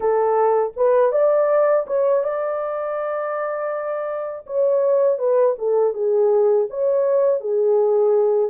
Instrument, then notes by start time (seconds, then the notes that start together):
horn
0.00 A4
0.76 B4
1.11 D5
1.86 C#5
2.23 D5
4.46 C#5
5.18 B4
5.58 A4
5.93 G#4
6.69 C#5
7.40 G#4